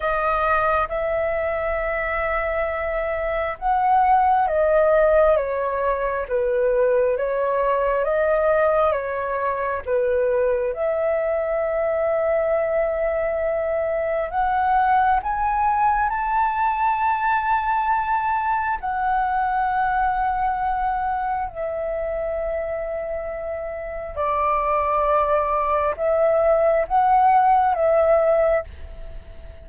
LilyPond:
\new Staff \with { instrumentName = "flute" } { \time 4/4 \tempo 4 = 67 dis''4 e''2. | fis''4 dis''4 cis''4 b'4 | cis''4 dis''4 cis''4 b'4 | e''1 |
fis''4 gis''4 a''2~ | a''4 fis''2. | e''2. d''4~ | d''4 e''4 fis''4 e''4 | }